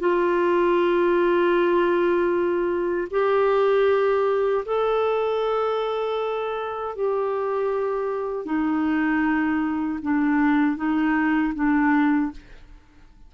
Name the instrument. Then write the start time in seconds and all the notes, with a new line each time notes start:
clarinet
0.00 F4
3.10 G4
4.65 A4
6.95 G4
8.45 D#4
10.02 D4
10.77 D#4
11.55 D4